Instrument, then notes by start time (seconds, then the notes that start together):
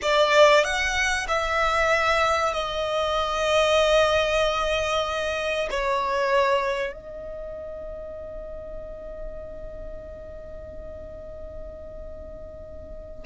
violin
0.01 D5
0.63 F#5
1.27 E5
2.53 D#5
5.70 C#5
6.92 D#5